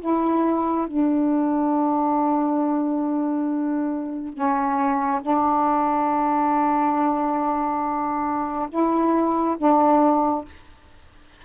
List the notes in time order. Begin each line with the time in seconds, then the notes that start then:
0.00 E4
0.87 D4
4.34 C#4
5.21 D4
8.70 E4
9.58 D4